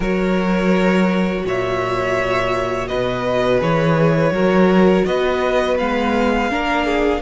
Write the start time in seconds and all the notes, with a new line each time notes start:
0.00 F#3 F#4 A#4 C#5
1.45 A#2 C#5 E5
2.87 B2 B4 D#5
3.58 E3 G#4 C#5
4.31 F#3 F#4 A#4
5.05 B3 B4 D#5
5.78 G#3 B3 F5
6.50 A#3 D4 A#4
6.85 G#4